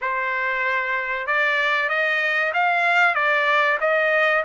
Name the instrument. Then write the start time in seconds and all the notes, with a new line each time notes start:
trumpet
0.01 C5
1.27 D5
1.89 D#5
2.53 F5
3.14 D5
3.80 D#5